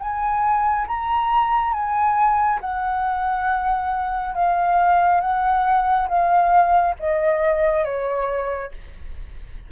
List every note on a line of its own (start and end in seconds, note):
0.00 0.87 G#5
0.88 1.73 A#5
1.73 2.60 G#5
2.61 4.35 F#5
4.35 5.21 F5
5.21 6.08 F#5
6.08 6.95 F5
7.00 7.85 D#5
7.85 8.72 C#5